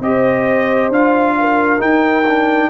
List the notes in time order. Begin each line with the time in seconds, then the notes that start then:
0.00 C4 G4 C5 D#5
0.89 D4 F4 F5
1.38 A#4
1.79 D#4 G5
2.28 D4